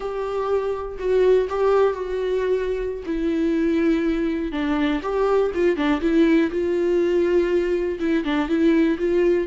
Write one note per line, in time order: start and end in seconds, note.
0.00 0.97 G4
0.98 1.48 F#4
1.49 1.93 G4
1.93 3.03 F#4
3.06 4.52 E4
4.52 5.01 D4
5.02 5.51 G4
5.54 5.76 F4
5.76 6.00 D4
6.01 6.50 E4
6.51 7.98 F4
7.99 8.24 E4
8.24 8.48 D4
8.48 8.97 E4
8.98 9.47 F4